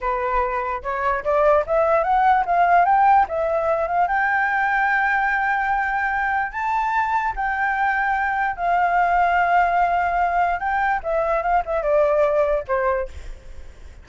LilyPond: \new Staff \with { instrumentName = "flute" } { \time 4/4 \tempo 4 = 147 b'2 cis''4 d''4 | e''4 fis''4 f''4 g''4 | e''4. f''8 g''2~ | g''1 |
a''2 g''2~ | g''4 f''2.~ | f''2 g''4 e''4 | f''8 e''8 d''2 c''4 | }